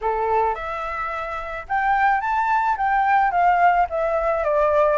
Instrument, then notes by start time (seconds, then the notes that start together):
flute
0.01 A4
0.55 E5
1.68 G5
2.20 A5
2.77 G5
3.31 F5
3.89 E5
4.44 D5